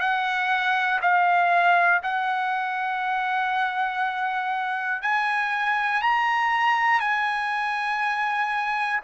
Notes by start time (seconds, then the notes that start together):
0.00 F#5
1.02 F5
2.03 F#5
5.02 G#5
6.02 A#5
7.00 G#5